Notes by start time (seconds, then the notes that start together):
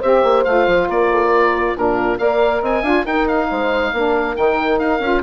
0.00 C4 G4 C5 E5
0.23 A#3
0.44 A3 F4 F5
0.67 F3
0.88 A#3 A#4 D5
1.11 A4
1.27 A#4
1.77 A#2 D4 F4 A#4
2.18 A#3 A#4 D5 F5
2.62 C4 D#5 G#5
2.83 D4 F4 F5
3.05 D#4 A#4 G5
3.28 F5
3.50 G#3 C5
3.93 A#3 D4 A#4
4.36 D#3 D#4 G5
4.79 D#4 F5
5.00 C#4 F4